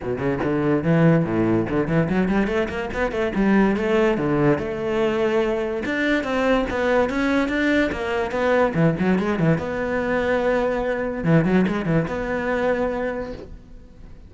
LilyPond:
\new Staff \with { instrumentName = "cello" } { \time 4/4 \tempo 4 = 144 b,8 cis8 d4 e4 a,4 | d8 e8 fis8 g8 a8 ais8 b8 a8 | g4 a4 d4 a4~ | a2 d'4 c'4 |
b4 cis'4 d'4 ais4 | b4 e8 fis8 gis8 e8 b4~ | b2. e8 fis8 | gis8 e8 b2. | }